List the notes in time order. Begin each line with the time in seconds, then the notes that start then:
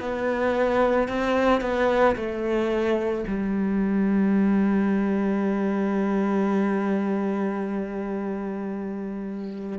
0.00 B3
1.08 C4
1.61 B3
2.16 A3
3.27 G3